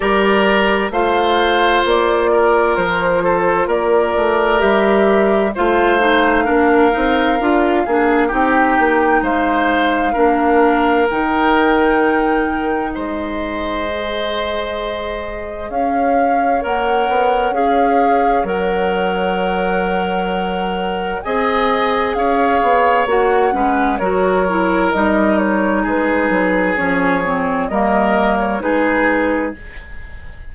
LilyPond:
<<
  \new Staff \with { instrumentName = "flute" } { \time 4/4 \tempo 4 = 65 d''4 f''4 d''4 c''4 | d''4 e''4 f''2~ | f''4 g''4 f''2 | g''2 dis''2~ |
dis''4 f''4 fis''4 f''4 | fis''2. gis''4 | f''4 fis''4 cis''4 dis''8 cis''8 | b'4 cis''4 dis''8. cis''16 b'4 | }
  \new Staff \with { instrumentName = "oboe" } { \time 4/4 ais'4 c''4. ais'4 a'8 | ais'2 c''4 ais'4~ | ais'8 gis'8 g'4 c''4 ais'4~ | ais'2 c''2~ |
c''4 cis''2.~ | cis''2. dis''4 | cis''4. b'8 ais'2 | gis'2 ais'4 gis'4 | }
  \new Staff \with { instrumentName = "clarinet" } { \time 4/4 g'4 f'2.~ | f'4 g'4 f'8 dis'8 d'8 dis'8 | f'8 d'8 dis'2 d'4 | dis'2. gis'4~ |
gis'2 ais'4 gis'4 | ais'2. gis'4~ | gis'4 fis'8 cis'8 fis'8 e'8 dis'4~ | dis'4 cis'8 c'8 ais4 dis'4 | }
  \new Staff \with { instrumentName = "bassoon" } { \time 4/4 g4 a4 ais4 f4 | ais8 a8 g4 a4 ais8 c'8 | d'8 ais8 c'8 ais8 gis4 ais4 | dis2 gis2~ |
gis4 cis'4 ais8 b8 cis'4 | fis2. c'4 | cis'8 b8 ais8 gis8 fis4 g4 | gis8 fis8 f4 g4 gis4 | }
>>